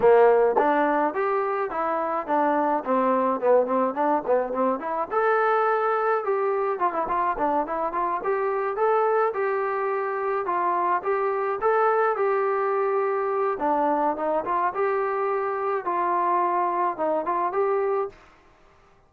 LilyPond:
\new Staff \with { instrumentName = "trombone" } { \time 4/4 \tempo 4 = 106 ais4 d'4 g'4 e'4 | d'4 c'4 b8 c'8 d'8 b8 | c'8 e'8 a'2 g'4 | f'16 e'16 f'8 d'8 e'8 f'8 g'4 a'8~ |
a'8 g'2 f'4 g'8~ | g'8 a'4 g'2~ g'8 | d'4 dis'8 f'8 g'2 | f'2 dis'8 f'8 g'4 | }